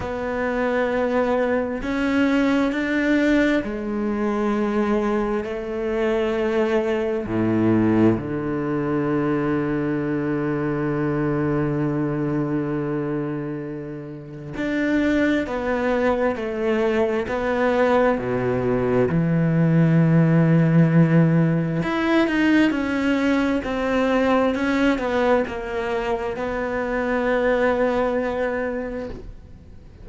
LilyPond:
\new Staff \with { instrumentName = "cello" } { \time 4/4 \tempo 4 = 66 b2 cis'4 d'4 | gis2 a2 | a,4 d2.~ | d1 |
d'4 b4 a4 b4 | b,4 e2. | e'8 dis'8 cis'4 c'4 cis'8 b8 | ais4 b2. | }